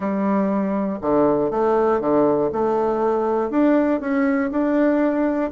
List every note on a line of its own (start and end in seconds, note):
0.00 0.99 G3
1.01 1.50 D3
1.50 2.00 A3
2.00 2.50 D3
2.52 3.50 A3
3.50 4.00 D4
4.00 4.50 C#4
4.51 5.51 D4